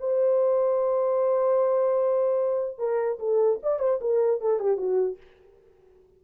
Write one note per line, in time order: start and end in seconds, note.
0.00 2.79 C5
2.79 3.19 A#4
3.20 3.60 A4
3.63 3.80 D5
3.80 4.00 C5
4.01 4.41 A#4
4.41 4.60 A4
4.60 4.77 G4
4.77 5.18 F#4